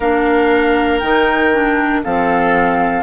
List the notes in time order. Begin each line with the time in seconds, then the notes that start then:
0.00 A#3 D4 A#4 F5
0.99 D#3 D#4 G5
1.53 D4
2.03 F3 C4 A4 F5